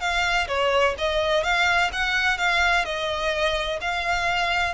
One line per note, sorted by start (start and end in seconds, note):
0.00 0.47 F5
0.48 0.95 C#5
0.98 1.43 D#5
1.43 1.90 F5
1.92 2.38 F#5
2.38 2.85 F5
2.85 3.79 D#5
3.81 4.74 F5